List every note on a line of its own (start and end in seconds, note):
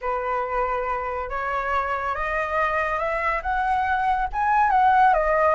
0.01 1.29 B4
1.29 2.15 C#5
2.15 2.98 D#5
2.98 3.41 E5
3.42 4.28 F#5
4.33 4.70 G#5
4.70 5.13 F#5
5.13 5.55 D#5